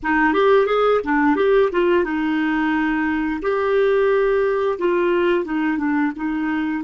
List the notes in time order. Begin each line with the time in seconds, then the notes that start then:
0.02 D#4
0.33 G4
0.66 G#4
1.04 D4
1.35 G4
1.71 F4
2.04 D#4
3.42 G4
4.78 F4
5.44 D#4
5.78 D4
6.15 D#4